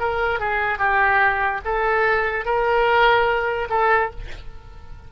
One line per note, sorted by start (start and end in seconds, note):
0.00 0.40 A#4
0.40 0.79 G#4
0.79 1.61 G4
1.65 2.45 A4
2.45 3.69 A#4
3.70 4.11 A4